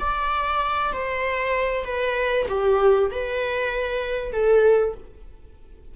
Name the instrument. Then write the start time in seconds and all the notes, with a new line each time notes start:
viola
0.00 D5
0.93 C5
1.84 B4
2.49 G4
3.11 B4
4.32 A4